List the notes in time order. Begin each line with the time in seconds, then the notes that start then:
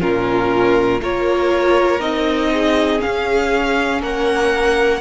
0.00 A#2 C#4 F4 A#4
1.01 A#3 F4 A#4 C#5
2.00 C4 D#4 D#5
2.53 G#4
2.99 C#4 F5
4.01 A#3 A#4 F#5